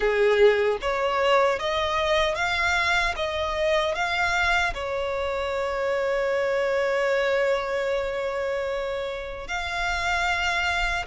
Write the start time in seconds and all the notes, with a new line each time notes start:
0.00 G#4
0.81 C#5
1.59 D#5
2.35 F5
3.16 D#5
3.94 F5
4.74 C#5
9.47 F5